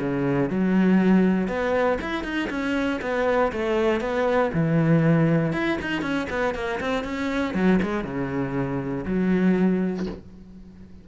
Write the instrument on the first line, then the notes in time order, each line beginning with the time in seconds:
cello
0.00 C#3
0.50 F#3
1.48 B3
2.01 E4
2.24 D#4
2.50 C#4
3.02 B3
3.53 A3
4.01 B3
4.54 E3
5.53 E4
5.82 D#4
6.02 C#4
6.30 B3
6.55 A#3
6.81 C4
7.04 C#4
7.55 F#3
7.82 G#3
8.05 C#3
9.06 F#3